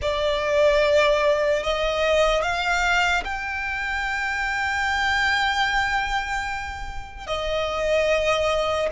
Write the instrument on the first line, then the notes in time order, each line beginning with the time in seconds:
violin
0.01 D5
1.63 D#5
2.42 F5
3.24 G5
7.26 D#5